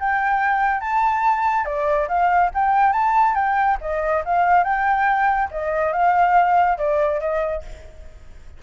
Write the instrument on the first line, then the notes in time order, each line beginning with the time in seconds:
flute
0.00 G5
0.81 A5
1.65 D5
2.08 F5
2.55 G5
2.93 A5
3.35 G5
3.81 D#5
4.26 F5
4.64 G5
5.51 D#5
5.93 F5
6.78 D5
7.21 D#5